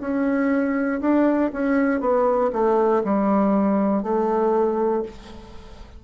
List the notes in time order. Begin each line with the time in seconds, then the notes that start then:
0.00 C#4
1.00 D4
1.53 C#4
2.00 B3
2.53 A3
3.04 G3
4.02 A3